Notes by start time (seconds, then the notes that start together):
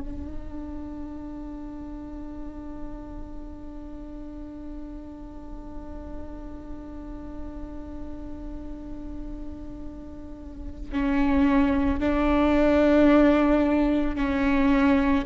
0.00 D4
10.92 C#4
12.00 D4
14.16 C#4